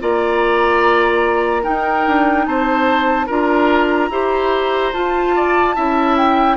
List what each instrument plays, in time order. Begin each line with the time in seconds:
0.00 bassoon A#3, clarinet F4, oboe D5, flute A#5
1.62 clarinet D#4, bassoon D#4, oboe A#4, flute G5
2.07 bassoon D4
2.45 bassoon C4, oboe C5, flute A5
3.26 bassoon D4, clarinet F4, oboe A#4, flute A#5
4.10 bassoon E4, clarinet G4, oboe C5
4.93 clarinet F4, bassoon F4, flute A5
5.35 oboe D5
5.75 bassoon C#4, clarinet E4, oboe E5
6.17 flute G5